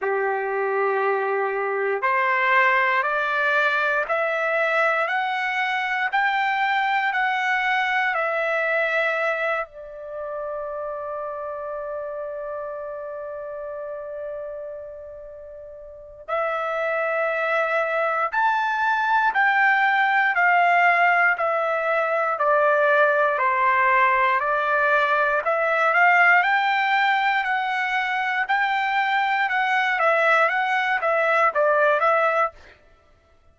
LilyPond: \new Staff \with { instrumentName = "trumpet" } { \time 4/4 \tempo 4 = 59 g'2 c''4 d''4 | e''4 fis''4 g''4 fis''4 | e''4. d''2~ d''8~ | d''1 |
e''2 a''4 g''4 | f''4 e''4 d''4 c''4 | d''4 e''8 f''8 g''4 fis''4 | g''4 fis''8 e''8 fis''8 e''8 d''8 e''8 | }